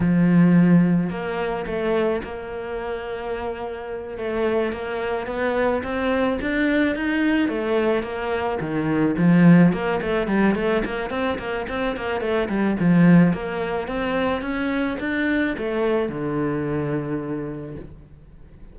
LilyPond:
\new Staff \with { instrumentName = "cello" } { \time 4/4 \tempo 4 = 108 f2 ais4 a4 | ais2.~ ais8 a8~ | a8 ais4 b4 c'4 d'8~ | d'8 dis'4 a4 ais4 dis8~ |
dis8 f4 ais8 a8 g8 a8 ais8 | c'8 ais8 c'8 ais8 a8 g8 f4 | ais4 c'4 cis'4 d'4 | a4 d2. | }